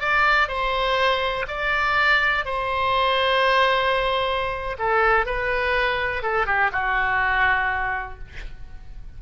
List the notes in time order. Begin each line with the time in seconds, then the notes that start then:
0.00 D5
0.48 C5
1.48 D5
2.45 C5
4.78 A4
5.25 B4
6.23 A4
6.46 G4
6.72 F#4